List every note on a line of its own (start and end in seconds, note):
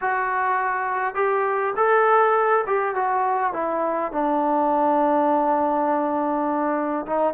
0.01 1.14 F#4
1.14 1.73 G4
1.76 2.64 A4
2.66 2.95 G4
2.95 3.53 F#4
3.53 4.12 E4
4.12 7.06 D4
7.06 7.34 D#4